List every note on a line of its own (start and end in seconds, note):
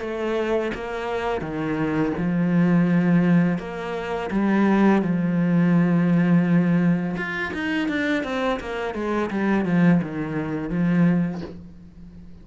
0.00 0.71 A3
0.74 1.41 A#3
1.41 2.12 D#3
2.17 3.58 F3
3.58 4.30 A#3
4.31 5.02 G3
5.02 7.16 F3
7.17 7.52 F4
7.54 7.88 D#4
7.88 8.23 D4
8.23 8.59 C4
8.60 8.94 A#3
8.94 9.30 G#3
9.30 9.65 G3
9.65 10.01 F3
10.02 10.69 D#3
10.69 11.41 F3